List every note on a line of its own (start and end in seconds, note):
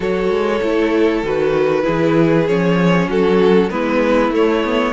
0.00 0.29 F#3
0.00 0.59 F#4
0.00 1.83 A4
0.00 1.25 C#5
0.29 0.60 G#3
0.62 1.22 A3
0.62 1.24 E4
1.22 1.84 D#3
1.22 1.82 F#4
1.22 2.48 B4
1.82 2.49 E3
1.82 2.44 E4
1.82 3.07 G#4
2.48 3.07 F3
2.48 3.70 C#4
2.48 3.10 C#5
3.07 3.69 F#3
3.07 3.71 F#4
3.07 3.69 A4
3.69 4.29 G#3
3.69 4.32 B3
3.69 4.93 E4
3.69 4.31 B4
4.29 4.91 A3
4.29 4.63 A3
4.29 4.93 C#5
4.64 4.93 B3